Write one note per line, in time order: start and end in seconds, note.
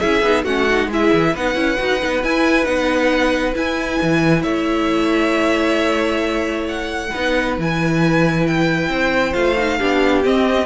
0.00 0.22 C#4
0.00 0.24 E4
0.00 0.44 G#4
0.00 0.44 E5
0.22 0.45 B3
0.22 0.46 D#4
0.44 0.88 A3
0.44 0.69 C#4
0.44 0.89 F#4
0.44 0.90 F#5
0.70 0.92 D#4
0.88 1.10 G#3
0.88 1.36 E4
0.88 1.32 G#4
0.88 1.36 E5
1.13 1.35 E3
1.32 1.55 B3
1.32 1.55 D#4
1.32 4.42 B4
1.32 2.24 F#5
1.55 1.77 C#4
1.55 1.77 E4
1.78 2.02 D#4
1.78 1.99 F#4
1.99 2.21 D#4
2.05 2.23 B3
2.23 2.66 E4
2.23 2.65 E4
2.23 2.65 G#5
2.65 3.55 B3
2.65 3.54 D#4
2.65 3.54 F#5
3.54 7.09 E4
3.54 4.00 E4
3.54 4.43 G#5
4.02 4.44 E3
4.42 7.10 A3
4.42 7.08 C#5
4.42 6.65 E5
6.68 7.57 F#5
7.11 7.58 B3
7.11 7.59 D#4
7.11 8.89 B4
7.58 8.89 E3
7.58 9.34 E4
7.58 8.47 G#5
8.47 9.34 G5
8.89 9.33 C4
8.89 9.78 C5
9.34 9.80 A3
9.34 9.56 F4
9.34 10.23 F5
9.58 9.80 D#4
9.78 10.25 B3
9.78 10.24 D4
9.78 10.66 G4
10.24 10.66 C4
10.24 10.66 D#5